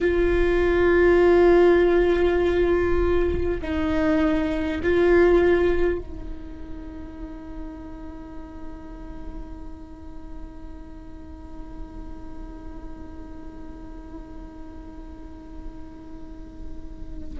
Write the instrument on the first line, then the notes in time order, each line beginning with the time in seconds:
viola
0.01 F4
3.61 D#4
4.83 F4
5.98 D#4